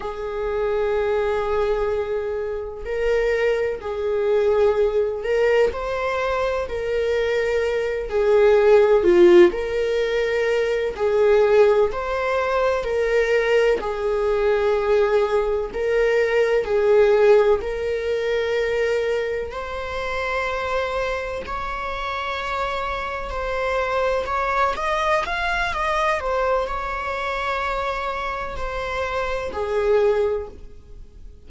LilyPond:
\new Staff \with { instrumentName = "viola" } { \time 4/4 \tempo 4 = 63 gis'2. ais'4 | gis'4. ais'8 c''4 ais'4~ | ais'8 gis'4 f'8 ais'4. gis'8~ | gis'8 c''4 ais'4 gis'4.~ |
gis'8 ais'4 gis'4 ais'4.~ | ais'8 c''2 cis''4.~ | cis''8 c''4 cis''8 dis''8 f''8 dis''8 c''8 | cis''2 c''4 gis'4 | }